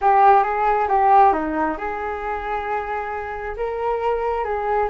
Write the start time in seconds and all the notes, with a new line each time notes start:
0.01 G4
0.43 G#4
0.88 G4
1.32 D#4
1.77 G#4
3.57 A#4
4.44 G#4